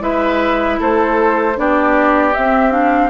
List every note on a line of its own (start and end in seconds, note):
0.00 0.78 G#3
0.00 1.54 E4
0.00 0.79 B4
0.00 0.80 E5
0.79 1.58 A3
0.79 1.56 A4
0.79 1.58 C5
1.56 2.34 B3
1.56 2.33 D4
1.56 3.10 G4
1.56 2.34 D5
2.34 2.71 C4
2.34 3.10 C4
2.34 2.72 E5
2.71 3.09 D4
2.71 3.10 F5